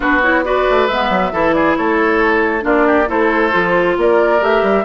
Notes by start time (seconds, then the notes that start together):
0.00 B3 D4 F#4 B4
0.22 E4 C#5
0.44 F#4 B4 D5
0.70 A3
0.87 G#3 B3 E5
1.09 F#3
1.32 E3 E4 A4
1.53 G#4 D5
1.76 A3 A4 C#5
2.60 A#3 D4 F4 D5
2.86 G4
3.07 A3 E4 A4 C5
3.51 F3 F4
3.97 A#3 A#4 D5
4.40 A3 G4 E5
4.62 G3